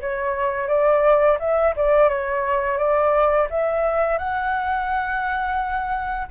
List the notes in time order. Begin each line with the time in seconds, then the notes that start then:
0.00 C#5
0.68 D5
1.39 E5
1.76 D5
2.09 C#5
2.77 D5
3.50 E5
4.18 F#5